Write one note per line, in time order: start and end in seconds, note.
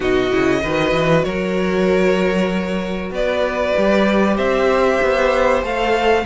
0.00 0.31 B2
0.00 0.30 D#4
0.00 0.60 F#4
0.00 1.23 D#5
0.30 0.63 C#3
0.30 0.61 E4
0.62 0.92 D#3
0.62 3.75 F#4
0.62 1.25 B4
0.92 1.23 E3
1.23 3.10 F#3
1.23 3.12 A#4
1.23 3.11 C#5
3.10 3.73 B3
3.10 4.37 B4
3.10 4.37 D5
3.75 4.37 G3
3.75 5.62 G4
4.37 5.00 C4
4.37 6.24 C5
4.37 5.62 E5
5.02 5.61 B3
5.61 6.24 A3
5.61 6.25 A4
5.61 6.26 F5